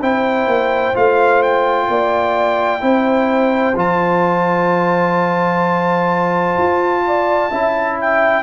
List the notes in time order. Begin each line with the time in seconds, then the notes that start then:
0.00 C4 E4 C5 G5
0.47 A#3
0.94 A3 F4 F5
1.43 G5
1.88 A#3 D5
2.80 C4 E4 C5
3.76 F3 F4 A5
6.58 F4
7.07 D5
7.51 C#4 E4 E5
8.01 G5